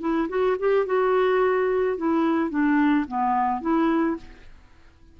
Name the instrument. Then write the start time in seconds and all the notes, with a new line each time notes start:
clarinet
0.00 E4
0.29 F#4
0.59 G4
0.86 F#4
1.97 E4
2.50 D4
3.07 B3
3.61 E4